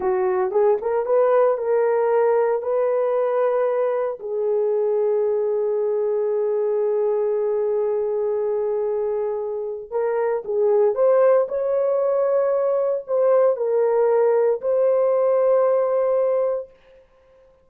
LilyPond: \new Staff \with { instrumentName = "horn" } { \time 4/4 \tempo 4 = 115 fis'4 gis'8 ais'8 b'4 ais'4~ | ais'4 b'2. | gis'1~ | gis'1~ |
gis'2. ais'4 | gis'4 c''4 cis''2~ | cis''4 c''4 ais'2 | c''1 | }